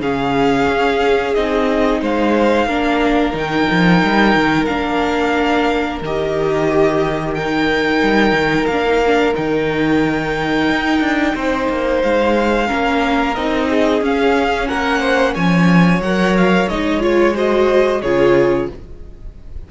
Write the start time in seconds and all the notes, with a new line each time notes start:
0.00 C#3 C#4 G#4 F5
0.68 C#4
1.34 C4 D#4 D#5
2.01 G#3 C5 F5
2.66 A#3 D4 A#4
3.33 D#3 D#4 G5
3.71 F3
4.03 G3
4.35 D#3
4.65 A#3 D4 F5
6.01 D#3 G4 D#5
6.69 G4
7.34 D#4 A#4 G5
8.02 G3
8.32 D#3
8.66 A#3 D4 F5
8.85 D#4
9.07 D4
9.34 D#3 D#4 G5
10.70 D#4
11.00 D4
11.34 C4 C5
11.69 A#3
12.02 G#3 F5
12.67 A#3 C#4 A#4
13.35 C4 D#4 D#5
13.69 G#4
14.01 C#4 F5
14.67 A#3 A#4 F#5
14.99 C5
15.34 F3 C#5 G#5
15.99 F#3 A#4 F#5
16.37 F5
16.68 G#3 D#4 D#5
17.00 F4 C#5
17.34 F#4 C5 D#5
18.02 C#3 F4 G#4 C#5